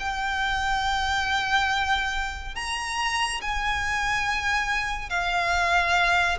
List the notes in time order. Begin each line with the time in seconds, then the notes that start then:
0.00 G5
2.55 A#5
3.42 G#5
5.10 F5